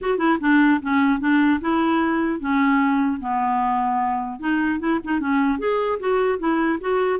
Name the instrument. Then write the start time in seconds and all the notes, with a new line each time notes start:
clarinet
0.01 F#4
0.18 E4
0.40 D4
0.81 C#4
1.20 D4
1.60 E4
2.40 C#4
3.20 B3
4.39 D#4
4.79 E4
5.03 D#4
5.19 C#4
5.58 G#4
5.99 F#4
6.39 E4
6.80 F#4